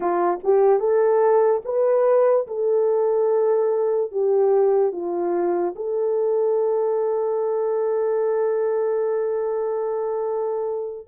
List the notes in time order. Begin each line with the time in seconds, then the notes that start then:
0.00 F4
0.43 G4
0.79 A4
1.64 B4
2.47 A4
4.11 G4
4.92 F4
5.75 A4